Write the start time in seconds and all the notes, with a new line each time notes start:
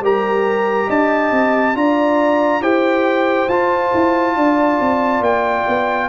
0.00 G3 G4 A#4 A#5
0.87 D4 D#5 A5
1.31 C4
1.74 D4 F4 D5 A#5
2.61 E4 G4 C5 G5
3.48 F4 A5
3.94 E4
4.36 D4 D5
4.80 C4
5.20 A#3 G5
5.68 B3